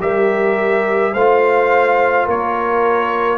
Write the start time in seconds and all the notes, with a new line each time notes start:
0.00 G3 G4 A#4 E5
1.13 A3 F4 C5 F5
2.26 A#3 A#4 C#5